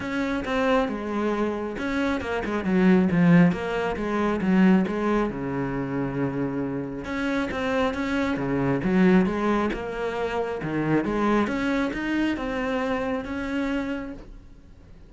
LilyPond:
\new Staff \with { instrumentName = "cello" } { \time 4/4 \tempo 4 = 136 cis'4 c'4 gis2 | cis'4 ais8 gis8 fis4 f4 | ais4 gis4 fis4 gis4 | cis1 |
cis'4 c'4 cis'4 cis4 | fis4 gis4 ais2 | dis4 gis4 cis'4 dis'4 | c'2 cis'2 | }